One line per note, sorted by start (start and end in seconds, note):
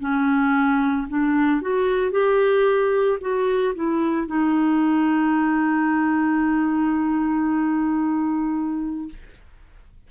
0.00 1.07 C#4
1.08 1.61 D4
1.61 2.11 F#4
2.11 3.18 G4
3.20 3.74 F#4
3.75 4.27 E4
4.27 9.09 D#4